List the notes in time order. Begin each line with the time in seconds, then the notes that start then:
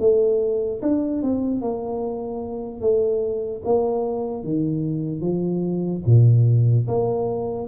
0.00 A3
0.82 D4
1.23 C4
1.61 A#3
2.81 A3
3.65 A#3
4.44 D#3
5.21 F3
6.06 A#2
6.88 A#3